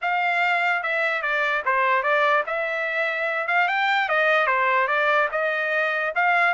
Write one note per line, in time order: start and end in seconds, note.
0.01 0.82 F5
0.82 1.21 E5
1.21 1.62 D5
1.65 2.02 C5
2.02 2.43 D5
2.46 3.47 E5
3.47 3.67 F5
3.67 4.08 G5
4.08 4.46 D#5
4.46 4.87 C5
4.87 5.28 D5
5.31 6.13 D#5
6.15 6.54 F5